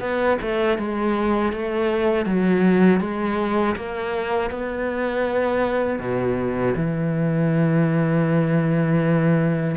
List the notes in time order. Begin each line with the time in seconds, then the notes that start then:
0.00 B3
0.41 A3
0.78 G#3
1.52 A3
2.26 F#3
3.00 G#3
3.76 A#3
4.50 B3
5.99 B2
6.76 E3